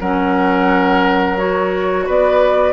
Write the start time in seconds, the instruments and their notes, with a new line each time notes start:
0.00 bassoon F#3, clarinet C#4, oboe A#4, flute F#5
1.37 clarinet F#4, flute C#5
2.05 bassoon B3, oboe B4, flute D5